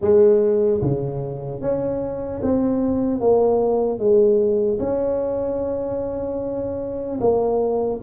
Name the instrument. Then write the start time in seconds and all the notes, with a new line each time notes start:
tuba
0.01 G#3
0.81 C#3
1.61 C#4
2.42 C4
3.20 A#3
3.98 G#3
4.79 C#4
7.20 A#3